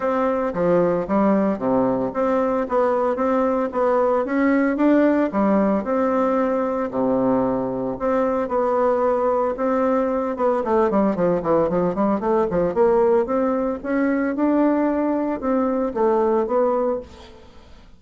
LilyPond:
\new Staff \with { instrumentName = "bassoon" } { \time 4/4 \tempo 4 = 113 c'4 f4 g4 c4 | c'4 b4 c'4 b4 | cis'4 d'4 g4 c'4~ | c'4 c2 c'4 |
b2 c'4. b8 | a8 g8 f8 e8 f8 g8 a8 f8 | ais4 c'4 cis'4 d'4~ | d'4 c'4 a4 b4 | }